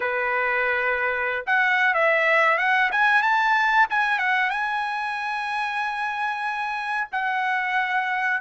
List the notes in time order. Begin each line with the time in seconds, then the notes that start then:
0.00 B4
1.46 F#5
1.94 E5
2.58 F#5
2.91 G#5
3.22 A5
3.90 G#5
4.18 F#5
4.50 G#5
7.11 F#5